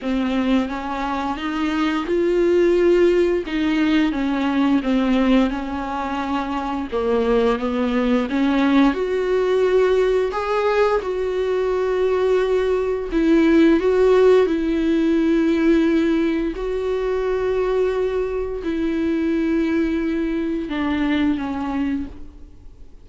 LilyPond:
\new Staff \with { instrumentName = "viola" } { \time 4/4 \tempo 4 = 87 c'4 cis'4 dis'4 f'4~ | f'4 dis'4 cis'4 c'4 | cis'2 ais4 b4 | cis'4 fis'2 gis'4 |
fis'2. e'4 | fis'4 e'2. | fis'2. e'4~ | e'2 d'4 cis'4 | }